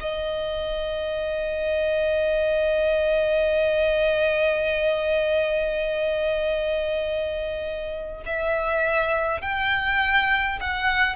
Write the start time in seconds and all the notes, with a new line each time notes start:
0.00 D#5
8.26 E5
9.42 G5
10.61 F#5